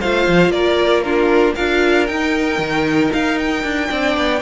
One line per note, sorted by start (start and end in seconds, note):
0.00 0.27 A3
0.00 1.05 F4
0.00 0.52 C5
0.00 0.51 F5
0.27 0.49 F3
0.49 1.53 A#3
0.49 1.04 A#4
0.49 1.02 D5
1.02 1.56 D4
1.02 1.54 F4
1.02 1.54 A#4
1.54 2.09 D4
1.54 2.08 F4
1.54 3.89 A#4
1.54 2.07 F5
2.07 3.88 D#4
2.07 2.58 D#4
2.07 3.11 G5
2.58 3.10 D#3
3.12 3.63 D#4
3.12 3.38 F5
3.38 4.41 G5
3.63 3.89 D4
3.88 4.17 C4
3.88 4.40 D4
3.88 4.41 D5
4.17 4.41 B3